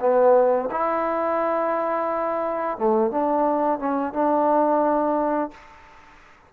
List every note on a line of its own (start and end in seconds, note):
0.00 0.69 B3
0.71 2.78 E4
2.78 3.11 A3
3.11 3.79 D4
3.79 4.13 C#4
4.13 5.51 D4